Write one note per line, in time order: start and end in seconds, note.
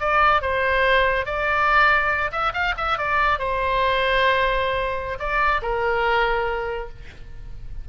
0.00 0.42 D5
0.42 1.26 C5
1.26 2.31 D5
2.31 2.53 E5
2.54 2.75 F5
2.77 2.98 E5
2.98 3.39 D5
3.39 5.18 C5
5.19 5.61 D5
5.62 6.89 A#4